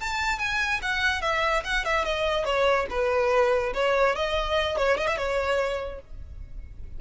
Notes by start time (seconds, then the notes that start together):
0.00 A5
0.39 G#5
0.82 F#5
1.21 E5
1.64 F#5
1.85 E5
2.05 D#5
2.45 C#5
2.90 B4
3.74 C#5
4.15 D#5
4.77 C#5
4.98 D#5
5.07 E5
5.17 C#5